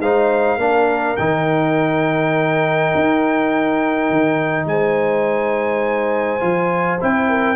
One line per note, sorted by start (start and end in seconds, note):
0.00 0.57 G#3
0.00 0.60 D#4
0.00 0.58 C5
0.00 1.17 F5
0.57 1.16 A#3
0.57 1.18 D4
0.57 4.66 A#4
1.17 2.94 D#3
1.17 6.41 D#4
1.17 4.66 G5
2.95 4.11 D#4
4.11 4.66 D#3
4.66 6.41 G#3
4.66 7.29 C5
4.66 7.01 G#5
6.41 7.01 F3
6.41 6.99 F4
7.01 7.56 C4
7.01 7.56 E4
7.01 7.56 G5
7.29 7.56 A#4